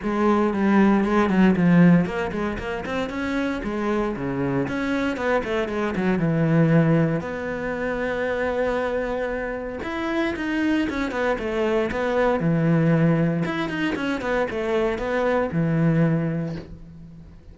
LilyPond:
\new Staff \with { instrumentName = "cello" } { \time 4/4 \tempo 4 = 116 gis4 g4 gis8 fis8 f4 | ais8 gis8 ais8 c'8 cis'4 gis4 | cis4 cis'4 b8 a8 gis8 fis8 | e2 b2~ |
b2. e'4 | dis'4 cis'8 b8 a4 b4 | e2 e'8 dis'8 cis'8 b8 | a4 b4 e2 | }